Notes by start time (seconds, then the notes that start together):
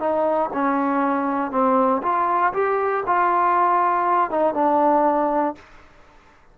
0.00 D#4
0.54 C#4
1.51 C4
2.03 F4
2.54 G4
3.07 F4
4.31 D#4
4.54 D4